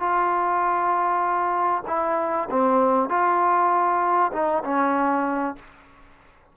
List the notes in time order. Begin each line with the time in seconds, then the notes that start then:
0.00 F4
1.88 E4
2.51 C4
3.09 F4
4.33 D#4
4.64 C#4